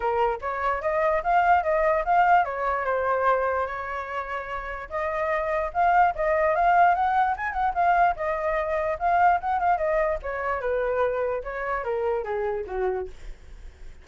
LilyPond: \new Staff \with { instrumentName = "flute" } { \time 4/4 \tempo 4 = 147 ais'4 cis''4 dis''4 f''4 | dis''4 f''4 cis''4 c''4~ | c''4 cis''2. | dis''2 f''4 dis''4 |
f''4 fis''4 gis''8 fis''8 f''4 | dis''2 f''4 fis''8 f''8 | dis''4 cis''4 b'2 | cis''4 ais'4 gis'4 fis'4 | }